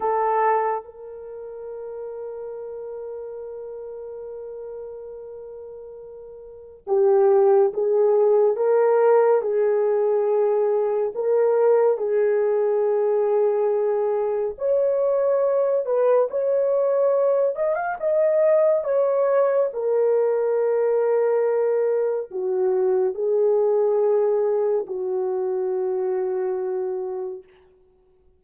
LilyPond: \new Staff \with { instrumentName = "horn" } { \time 4/4 \tempo 4 = 70 a'4 ais'2.~ | ais'1 | g'4 gis'4 ais'4 gis'4~ | gis'4 ais'4 gis'2~ |
gis'4 cis''4. b'8 cis''4~ | cis''8 dis''16 f''16 dis''4 cis''4 ais'4~ | ais'2 fis'4 gis'4~ | gis'4 fis'2. | }